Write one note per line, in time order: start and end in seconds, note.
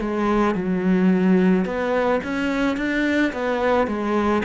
0.00 0.55 G#3
0.55 1.65 F#3
1.65 2.21 B3
2.24 2.77 C#4
2.77 3.32 D4
3.33 3.87 B3
3.87 4.42 G#3